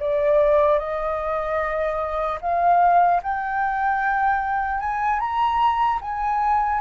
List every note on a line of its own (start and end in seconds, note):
0.00 0.79 D5
0.79 2.39 D#5
2.41 3.21 F5
3.23 4.80 G5
4.80 5.20 G#5
5.20 6.00 A#5
6.02 6.81 G#5